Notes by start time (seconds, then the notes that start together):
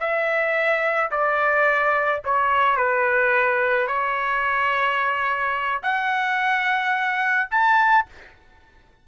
0.00 E5
1.12 D5
2.25 C#5
2.77 B4
3.88 C#5
5.83 F#5
7.51 A5